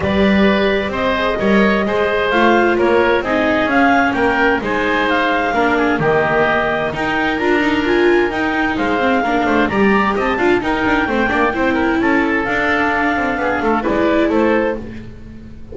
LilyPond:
<<
  \new Staff \with { instrumentName = "clarinet" } { \time 4/4 \tempo 4 = 130 d''2 dis''2~ | dis''4 f''4 cis''4 dis''4 | f''4 g''4 gis''4 f''4~ | f''4 dis''2 g''4 |
ais''4 gis''4 g''4 f''4~ | f''4 ais''4 a''4 g''4~ | g''2 a''4 f''4~ | f''2 d''4 c''4 | }
  \new Staff \with { instrumentName = "oboe" } { \time 4/4 b'2 c''4 cis''4 | c''2 ais'4 gis'4~ | gis'4 ais'4 c''2 | ais'8 gis'8 g'2 ais'4~ |
ais'2. c''4 | ais'8 c''8 d''4 dis''8 f''8 ais'4 | c''8 d''8 c''8 ais'8 a'2~ | a'4 gis'8 a'8 b'4 a'4 | }
  \new Staff \with { instrumentName = "viola" } { \time 4/4 g'2~ g'8 gis'8 ais'4 | gis'4 f'2 dis'4 | cis'2 dis'2 | d'4 ais2 dis'4 |
f'8 dis'8 f'4 dis'4. c'8 | d'4 g'4. f'8 dis'4 | c'8 d'8 e'2 d'4~ | d'2 e'2 | }
  \new Staff \with { instrumentName = "double bass" } { \time 4/4 g2 c'4 g4 | gis4 a4 ais4 c'4 | cis'4 ais4 gis2 | ais4 dis2 dis'4 |
d'2 dis'4 gis4 | ais8 a8 g4 c'8 d'8 dis'8 d'8 | a8 ais8 c'4 cis'4 d'4~ | d'8 c'8 b8 a8 gis4 a4 | }
>>